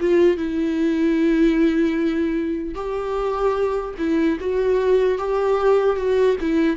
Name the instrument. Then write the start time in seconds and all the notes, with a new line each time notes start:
viola
0.00 F4
0.37 E4
2.75 G4
3.98 E4
4.40 F#4
5.19 G4
5.96 F#4
6.40 E4